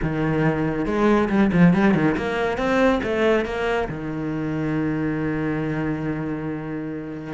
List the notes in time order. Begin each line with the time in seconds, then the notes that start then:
0.02 D#3
0.85 G#3
1.29 G3
1.52 F3
1.73 G3
1.94 D#3
2.17 A#3
2.57 C4
3.03 A3
3.45 A#3
3.88 D#3